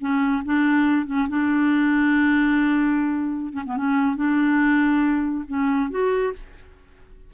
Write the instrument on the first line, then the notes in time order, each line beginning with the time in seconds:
clarinet
0.00 C#4
0.45 D4
1.06 C#4
1.28 D4
3.52 C#4
3.66 B3
3.77 C#4
4.16 D4
5.48 C#4
5.90 F#4